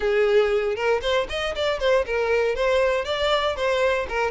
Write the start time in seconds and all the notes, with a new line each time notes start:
0.00 G#4
0.75 A#4
1.01 C5
1.29 D#5
1.55 D5
1.79 C5
2.06 A#4
2.55 C5
3.05 D5
3.56 C5
4.08 A#4